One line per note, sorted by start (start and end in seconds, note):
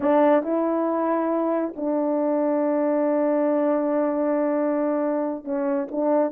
0.00 0.42 D4
0.42 1.73 E4
1.75 5.44 D4
5.44 5.87 C#4
5.91 6.31 D4